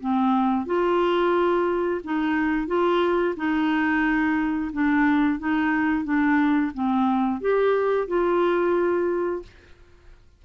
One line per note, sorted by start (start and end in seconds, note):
0.00 0.66 C4
0.66 2.01 F4
2.04 2.67 D#4
2.67 3.35 F4
3.36 4.71 D#4
4.73 5.39 D4
5.39 6.04 D#4
6.04 6.72 D4
6.74 7.41 C4
7.41 8.07 G4
8.07 9.42 F4